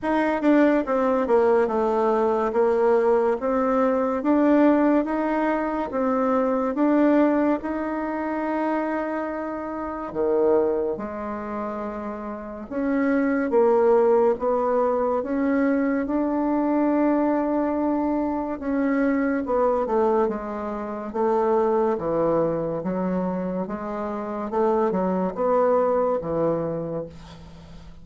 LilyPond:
\new Staff \with { instrumentName = "bassoon" } { \time 4/4 \tempo 4 = 71 dis'8 d'8 c'8 ais8 a4 ais4 | c'4 d'4 dis'4 c'4 | d'4 dis'2. | dis4 gis2 cis'4 |
ais4 b4 cis'4 d'4~ | d'2 cis'4 b8 a8 | gis4 a4 e4 fis4 | gis4 a8 fis8 b4 e4 | }